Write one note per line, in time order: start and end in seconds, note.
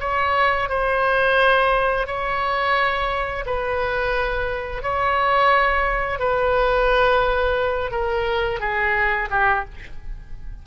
0.00 0.69 C#5
0.69 2.07 C5
2.07 3.45 C#5
3.46 4.82 B4
4.82 6.19 C#5
6.19 7.91 B4
7.91 8.60 A#4
8.60 9.29 G#4
9.30 9.65 G4